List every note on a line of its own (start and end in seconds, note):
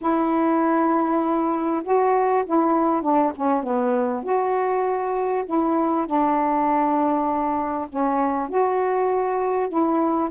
0.01 1.83 E4
1.83 2.44 F#4
2.45 3.02 E4
3.02 3.32 D4
3.35 3.63 C#4
3.63 4.23 B3
4.23 5.44 F#4
5.45 6.06 E4
6.06 7.88 D4
7.89 8.48 C#4
8.48 9.68 F#4
9.68 10.29 E4